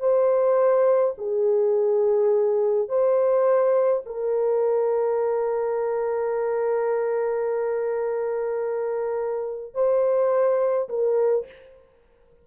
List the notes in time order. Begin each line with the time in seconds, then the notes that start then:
0.00 C5
1.18 G#4
2.89 C5
4.06 A#4
9.74 C5
10.89 A#4